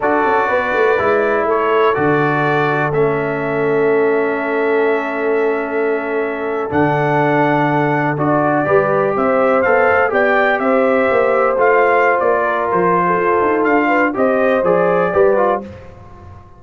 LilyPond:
<<
  \new Staff \with { instrumentName = "trumpet" } { \time 4/4 \tempo 4 = 123 d''2. cis''4 | d''2 e''2~ | e''1~ | e''4.~ e''16 fis''2~ fis''16~ |
fis''8. d''2 e''4 f''16~ | f''8. g''4 e''2 f''16~ | f''4 d''4 c''2 | f''4 dis''4 d''2 | }
  \new Staff \with { instrumentName = "horn" } { \time 4/4 a'4 b'2 a'4~ | a'1~ | a'1~ | a'1~ |
a'4.~ a'16 b'4 c''4~ c''16~ | c''8. d''4 c''2~ c''16~ | c''4. ais'4~ ais'16 a'4~ a'16~ | a'8 b'8 c''2 b'4 | }
  \new Staff \with { instrumentName = "trombone" } { \time 4/4 fis'2 e'2 | fis'2 cis'2~ | cis'1~ | cis'4.~ cis'16 d'2~ d'16~ |
d'8. fis'4 g'2 a'16~ | a'8. g'2. f'16~ | f'1~ | f'4 g'4 gis'4 g'8 f'8 | }
  \new Staff \with { instrumentName = "tuba" } { \time 4/4 d'8 cis'8 b8 a8 gis4 a4 | d2 a2~ | a1~ | a4.~ a16 d2~ d16~ |
d8. d'4 g4 c'4 b16~ | b16 a8 b4 c'4 ais4 a16~ | a4 ais4 f4 f'8 dis'8 | d'4 c'4 f4 g4 | }
>>